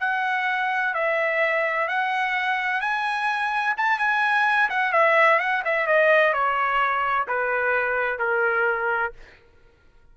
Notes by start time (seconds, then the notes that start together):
0.00 F#5
0.94 E5
1.88 F#5
2.81 G#5
3.77 A5
3.99 G#5
4.69 F#5
4.92 E5
5.39 F#5
5.65 E5
5.87 D#5
6.33 C#5
7.28 B4
8.19 A#4